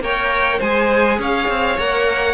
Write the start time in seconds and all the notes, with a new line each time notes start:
0.00 A#3 A#4 C#5 G5
0.59 G#3 G#4 C5 G#5
1.19 C#4 C#5 F5
1.48 C4
1.78 A#3 A#4 F#5